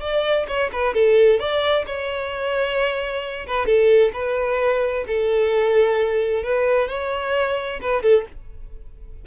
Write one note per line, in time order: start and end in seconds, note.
0.00 0.46 D5
0.47 0.70 C#5
0.72 0.94 B4
0.94 1.39 A4
1.39 1.85 D5
1.86 3.46 C#5
3.46 3.65 B4
3.65 4.11 A4
4.13 5.05 B4
5.07 6.43 A4
6.43 6.88 B4
6.88 7.80 C#5
7.81 8.02 B4
8.02 8.25 A4